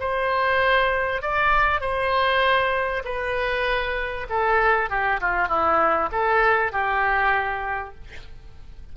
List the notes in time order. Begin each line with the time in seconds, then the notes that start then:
0.00 C5
1.22 D5
1.81 C5
3.05 B4
4.30 A4
4.90 G4
5.21 F4
5.48 E4
6.12 A4
6.72 G4